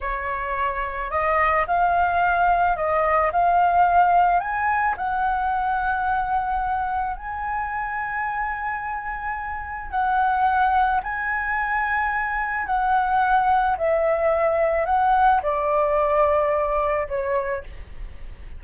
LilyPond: \new Staff \with { instrumentName = "flute" } { \time 4/4 \tempo 4 = 109 cis''2 dis''4 f''4~ | f''4 dis''4 f''2 | gis''4 fis''2.~ | fis''4 gis''2.~ |
gis''2 fis''2 | gis''2. fis''4~ | fis''4 e''2 fis''4 | d''2. cis''4 | }